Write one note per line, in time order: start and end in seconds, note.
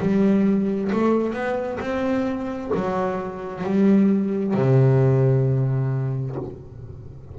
0.00 0.91 G3
0.92 1.33 A3
1.33 1.79 B3
1.80 2.71 C4
2.74 3.64 F#3
3.64 4.54 G3
4.54 6.36 C3